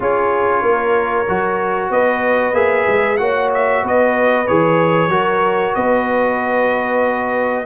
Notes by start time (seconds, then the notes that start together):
0.00 C#4 F4 G#4 C#5
0.62 A#3 A#4
1.28 F#3 F#4
1.89 B3 B4 D#5
2.53 A#3 G#4 E5
2.87 G#3
3.17 A#3 F#4 C#5 F#5
3.53 E5
3.82 B3 B4 D#5
4.47 E3 G#4 C#5
5.08 F#3 F#4 A#4
5.74 B3 B4 D#5